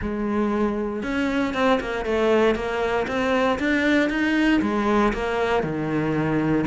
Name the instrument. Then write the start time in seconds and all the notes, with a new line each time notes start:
cello
0.01 G#3
1.02 C#4
1.54 C4
1.80 A#3
2.05 A3
2.55 A#3
3.07 C4
3.59 D4
4.09 D#4
4.61 G#3
5.13 A#3
5.63 D#3